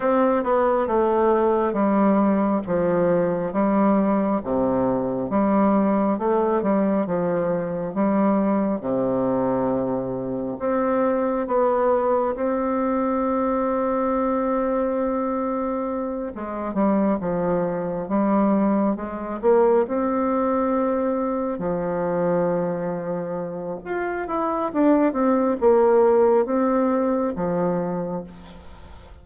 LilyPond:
\new Staff \with { instrumentName = "bassoon" } { \time 4/4 \tempo 4 = 68 c'8 b8 a4 g4 f4 | g4 c4 g4 a8 g8 | f4 g4 c2 | c'4 b4 c'2~ |
c'2~ c'8 gis8 g8 f8~ | f8 g4 gis8 ais8 c'4.~ | c'8 f2~ f8 f'8 e'8 | d'8 c'8 ais4 c'4 f4 | }